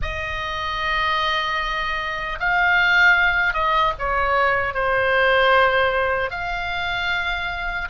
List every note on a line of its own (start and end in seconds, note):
0.02 2.39 D#5
2.39 3.53 F5
3.53 3.93 D#5
3.98 4.74 C#5
4.74 6.30 C5
6.30 7.88 F5